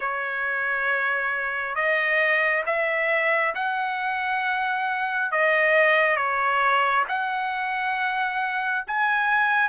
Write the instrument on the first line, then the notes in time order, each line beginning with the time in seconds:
trumpet
0.00 C#5
1.75 D#5
2.66 E5
3.55 F#5
5.31 D#5
6.16 C#5
7.08 F#5
8.87 G#5